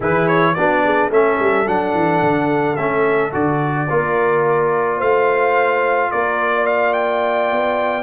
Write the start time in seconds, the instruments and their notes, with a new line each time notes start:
0.00 tuba E3, trombone E4, horn G#4, trumpet B4
0.27 trumpet C#5
0.54 tuba B3, trombone D4, horn F#4, trumpet D5
0.84 horn G#4
1.10 tuba A3, trombone C#4, horn A4, trumpet E5
1.39 tuba G3
1.65 tuba F#3, trombone D4, trumpet F#5
1.94 tuba E3
2.22 tuba D3
2.75 tuba A3, trombone C#4, trumpet E5
3.32 tuba D3, trombone F#4, trumpet D5
3.89 tuba A#3, trombone F4, horn A#4
4.97 tuba A3, horn C5, trumpet F5
6.11 tuba A#3, horn A#4, trumpet D5
6.55 horn D5
6.66 trumpet F5
6.93 trumpet G5
7.51 tuba B3